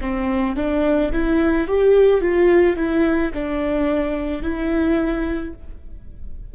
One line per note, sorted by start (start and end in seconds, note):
0.00 0.56 C4
0.56 1.11 D4
1.12 1.67 E4
1.67 2.21 G4
2.21 2.76 F4
2.76 3.31 E4
3.33 4.42 D4
4.42 5.53 E4